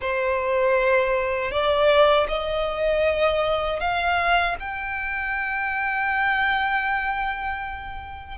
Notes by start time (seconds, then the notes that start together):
0.01 C5
1.51 D5
2.28 D#5
3.80 F5
4.59 G5